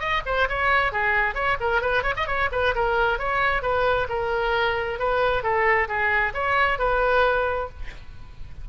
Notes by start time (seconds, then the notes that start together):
0.00 D#5
0.26 C5
0.49 C#5
0.93 G#4
1.35 C#5
1.61 A#4
1.82 B4
2.03 C#5
2.17 D#5
2.27 C#5
2.52 B4
2.75 A#4
3.19 C#5
3.63 B4
4.09 A#4
5.00 B4
5.43 A4
5.89 G#4
6.34 C#5
6.79 B4